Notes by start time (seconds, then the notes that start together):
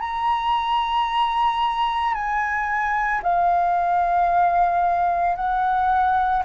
0.00 A#5
2.14 G#5
3.22 F5
5.36 F#5